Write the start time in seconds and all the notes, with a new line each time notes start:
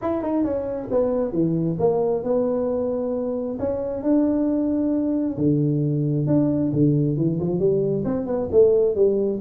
0.01 E4
0.22 D#4
0.44 C#4
0.91 B3
1.32 E3
1.79 A#3
2.23 B3
3.59 C#4
4.02 D4
5.37 D3
6.26 D4
6.72 D3
7.16 E3
7.39 F3
7.59 G3
8.05 C4
8.26 B3
8.51 A3
8.95 G3